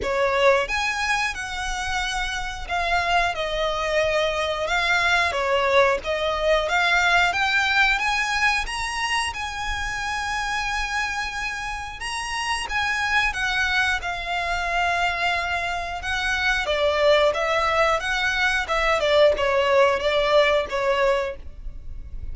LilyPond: \new Staff \with { instrumentName = "violin" } { \time 4/4 \tempo 4 = 90 cis''4 gis''4 fis''2 | f''4 dis''2 f''4 | cis''4 dis''4 f''4 g''4 | gis''4 ais''4 gis''2~ |
gis''2 ais''4 gis''4 | fis''4 f''2. | fis''4 d''4 e''4 fis''4 | e''8 d''8 cis''4 d''4 cis''4 | }